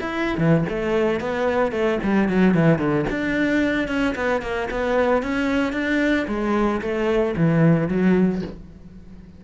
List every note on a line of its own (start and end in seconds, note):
0.00 0.37 E4
0.37 0.64 E3
0.68 1.20 A3
1.20 1.71 B3
1.71 1.98 A3
2.03 2.28 G3
2.28 2.54 F#3
2.54 2.78 E3
2.78 3.05 D3
3.09 3.87 D4
3.87 4.14 C#4
4.15 4.41 B3
4.41 4.68 A#3
4.70 5.22 B3
5.22 5.72 C#4
5.72 6.26 D4
6.27 6.80 G#3
6.81 7.35 A3
7.36 7.88 E3
7.88 8.41 F#3